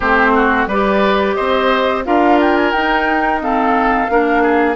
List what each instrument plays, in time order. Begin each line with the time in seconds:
0.00 bassoon A3, clarinet C4, oboe G4, flute C5
0.35 oboe F#4
0.66 bassoon G3, clarinet G4, oboe B4, flute D5
1.35 bassoon C4, oboe C5, flute D#5
2.05 bassoon D4, clarinet F4, oboe A#4, flute F5
2.40 flute G5
2.56 flute G#5
2.71 bassoon D#4, clarinet D#4, flute G5
3.40 clarinet C4, oboe A4, flute F5
4.09 bassoon A#3, clarinet D4, oboe A#4
4.42 oboe G#4